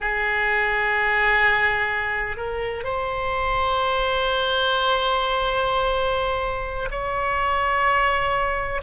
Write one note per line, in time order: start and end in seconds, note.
0.00 2.36 G#4
2.36 2.84 A#4
2.84 6.88 C5
6.90 8.81 C#5